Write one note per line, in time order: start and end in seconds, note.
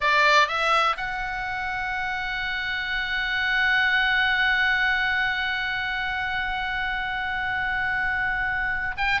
0.00 0.48 D5
0.48 0.96 E5
0.96 8.95 F#5
8.97 9.20 G5